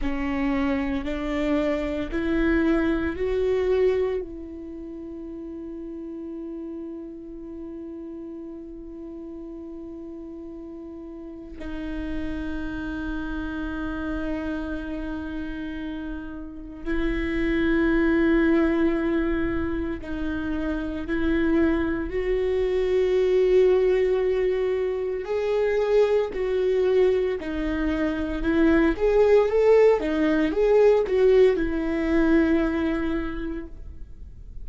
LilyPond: \new Staff \with { instrumentName = "viola" } { \time 4/4 \tempo 4 = 57 cis'4 d'4 e'4 fis'4 | e'1~ | e'2. dis'4~ | dis'1 |
e'2. dis'4 | e'4 fis'2. | gis'4 fis'4 dis'4 e'8 gis'8 | a'8 dis'8 gis'8 fis'8 e'2 | }